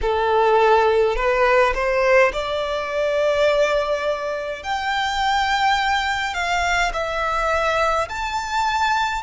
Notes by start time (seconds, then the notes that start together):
0.01 A4
1.15 B4
1.74 C5
2.32 D5
4.63 G5
6.34 F5
6.93 E5
8.08 A5